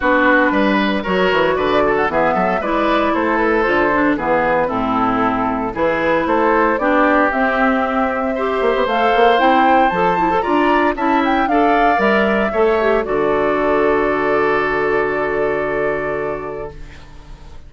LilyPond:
<<
  \new Staff \with { instrumentName = "flute" } { \time 4/4 \tempo 4 = 115 b'2 cis''4 d''8. fis''16 | e''4 d''4 c''8 b'8 c''4 | b'4 a'2 b'4 | c''4 d''4 e''2~ |
e''4 f''4 g''4 a''4 | ais''4 a''8 g''8 f''4 e''4~ | e''4 d''2.~ | d''1 | }
  \new Staff \with { instrumentName = "oboe" } { \time 4/4 fis'4 b'4 ais'4 b'8 a'8 | gis'8 a'8 b'4 a'2 | gis'4 e'2 gis'4 | a'4 g'2. |
c''1 | d''4 e''4 d''2 | cis''4 a'2.~ | a'1 | }
  \new Staff \with { instrumentName = "clarinet" } { \time 4/4 d'2 fis'2 | b4 e'2 f'8 d'8 | b4 c'2 e'4~ | e'4 d'4 c'2 |
g'4 a'4 e'4 a'8 e'16 a'16 | f'4 e'4 a'4 ais'4 | a'8 g'8 fis'2.~ | fis'1 | }
  \new Staff \with { instrumentName = "bassoon" } { \time 4/4 b4 g4 fis8 e8 d4 | e8 fis8 gis4 a4 d4 | e4 a,2 e4 | a4 b4 c'2~ |
c'8 ais16 b16 a8 ais8 c'4 f4 | d'4 cis'4 d'4 g4 | a4 d2.~ | d1 | }
>>